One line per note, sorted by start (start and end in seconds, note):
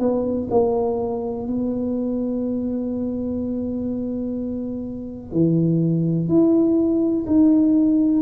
0.00 0.48 B3
0.51 1.47 A#3
1.47 5.32 B3
5.32 6.29 E3
6.29 7.25 E4
7.26 8.22 D#4